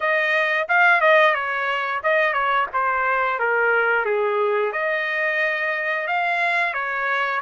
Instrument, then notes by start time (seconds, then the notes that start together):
trumpet
0.00 D#5
0.68 F5
1.01 D#5
1.34 C#5
2.03 D#5
2.33 C#5
2.73 C5
3.39 A#4
4.04 G#4
4.72 D#5
6.07 F5
6.73 C#5